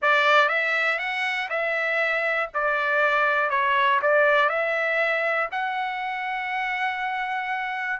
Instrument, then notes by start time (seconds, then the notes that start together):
trumpet
0.02 D5
0.49 E5
0.99 F#5
1.49 E5
2.53 D5
3.50 C#5
4.02 D5
4.49 E5
5.51 F#5